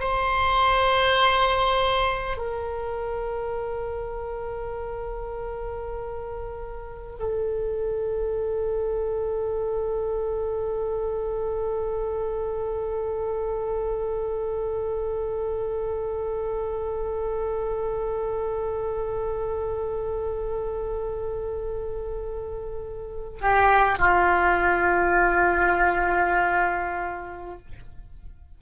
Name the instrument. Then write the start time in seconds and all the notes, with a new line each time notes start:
oboe
0.00 C5
2.37 A#4
7.19 A4
23.41 G4
23.98 F4